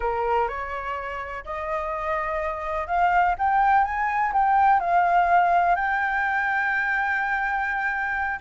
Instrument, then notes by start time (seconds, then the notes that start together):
flute
0.00 A#4
0.48 C#5
1.44 D#5
2.87 F5
3.38 G5
3.84 G#5
4.32 G5
4.80 F5
5.75 G5